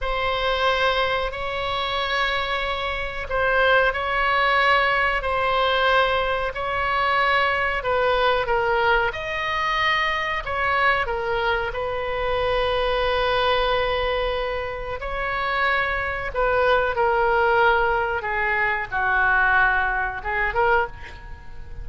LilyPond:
\new Staff \with { instrumentName = "oboe" } { \time 4/4 \tempo 4 = 92 c''2 cis''2~ | cis''4 c''4 cis''2 | c''2 cis''2 | b'4 ais'4 dis''2 |
cis''4 ais'4 b'2~ | b'2. cis''4~ | cis''4 b'4 ais'2 | gis'4 fis'2 gis'8 ais'8 | }